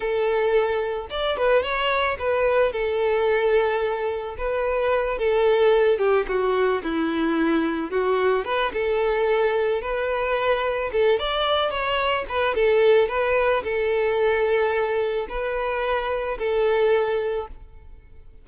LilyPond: \new Staff \with { instrumentName = "violin" } { \time 4/4 \tempo 4 = 110 a'2 d''8 b'8 cis''4 | b'4 a'2. | b'4. a'4. g'8 fis'8~ | fis'8 e'2 fis'4 b'8 |
a'2 b'2 | a'8 d''4 cis''4 b'8 a'4 | b'4 a'2. | b'2 a'2 | }